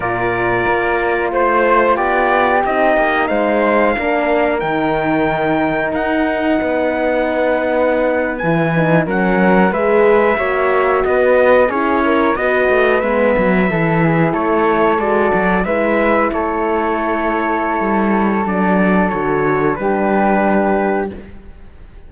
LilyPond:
<<
  \new Staff \with { instrumentName = "trumpet" } { \time 4/4 \tempo 4 = 91 d''2 c''4 d''4 | dis''4 f''2 g''4~ | g''4 fis''2.~ | fis''8. gis''4 fis''4 e''4~ e''16~ |
e''8. dis''4 cis''4 dis''4 e''16~ | e''4.~ e''16 cis''4 d''4 e''16~ | e''8. cis''2.~ cis''16 | d''4 cis''4 b'2 | }
  \new Staff \with { instrumentName = "flute" } { \time 4/4 ais'2 c''4 g'4~ | g'4 c''4 ais'2~ | ais'2 b'2~ | b'4.~ b'16 ais'4 b'4 cis''16~ |
cis''8. b'4 gis'8 ais'8 b'4~ b'16~ | b'8. a'8 gis'8 a'2 b'16~ | b'8. a'2.~ a'16~ | a'2 g'2 | }
  \new Staff \with { instrumentName = "horn" } { \time 4/4 f'1 | dis'2 d'4 dis'4~ | dis'1~ | dis'8. e'8 dis'8 cis'4 gis'4 fis'16~ |
fis'4.~ fis'16 e'4 fis'4 b16~ | b8. e'2 fis'4 e'16~ | e'1 | d'4 fis'4 d'2 | }
  \new Staff \with { instrumentName = "cello" } { \time 4/4 ais,4 ais4 a4 b4 | c'8 ais8 gis4 ais4 dis4~ | dis4 dis'4 b2~ | b8. e4 fis4 gis4 ais16~ |
ais8. b4 cis'4 b8 a8 gis16~ | gis16 fis8 e4 a4 gis8 fis8 gis16~ | gis8. a2~ a16 g4 | fis4 d4 g2 | }
>>